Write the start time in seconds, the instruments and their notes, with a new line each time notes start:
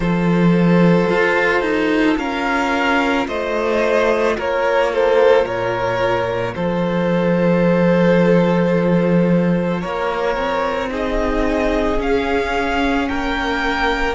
0.00 cello F3, viola F4, violin A4 C5
1.10 cello F4
1.61 cello D#4
2.17 cello C#4, violin A#4 F5
3.27 cello A3, violin C5 D#5
4.37 cello A#3, violin A#4 C#5
4.92 violin A4 C5
5.45 cello A#2, violin A#4 C#5
6.55 cello F3, violin A4 C5
9.80 cello A#3, violin A#4 C#5
10.36 cello C4
10.90 viola D#4, violin G#4 D#5
11.97 viola C#4, cello C#4, violin F5
13.08 cello A#3, violin A#4 G5